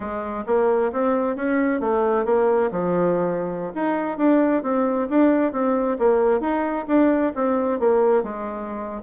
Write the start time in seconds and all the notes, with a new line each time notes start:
0.00 G#3
0.46 A#3
0.92 C4
1.36 C#4
1.80 A3
2.25 A#3
2.71 F3
3.74 D#4
4.17 D4
4.62 C4
5.09 D4
5.52 C4
5.98 A#3
6.40 D#4
6.87 D4
7.35 C4
7.79 A#3
8.23 G#3